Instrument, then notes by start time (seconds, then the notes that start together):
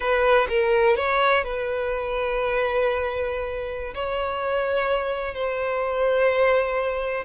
violin
0.00 B4
0.48 A#4
0.96 C#5
1.44 B4
3.94 C#5
5.34 C5